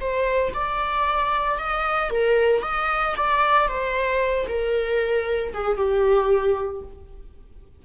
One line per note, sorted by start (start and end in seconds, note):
0.00 0.53 C5
0.54 1.58 D5
1.58 2.10 D#5
2.10 2.62 A#4
2.62 3.15 D#5
3.16 3.67 D5
3.67 4.46 C5
4.48 5.53 A#4
5.53 5.76 G#4
5.76 6.82 G4